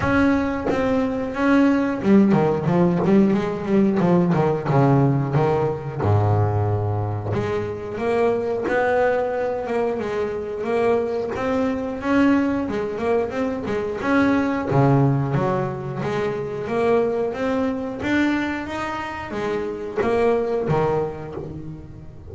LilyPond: \new Staff \with { instrumentName = "double bass" } { \time 4/4 \tempo 4 = 90 cis'4 c'4 cis'4 g8 dis8 | f8 g8 gis8 g8 f8 dis8 cis4 | dis4 gis,2 gis4 | ais4 b4. ais8 gis4 |
ais4 c'4 cis'4 gis8 ais8 | c'8 gis8 cis'4 cis4 fis4 | gis4 ais4 c'4 d'4 | dis'4 gis4 ais4 dis4 | }